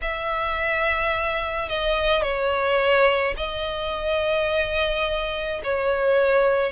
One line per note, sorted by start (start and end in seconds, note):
0.01 1.68 E5
1.68 2.22 D#5
2.22 3.34 C#5
3.36 5.61 D#5
5.63 6.72 C#5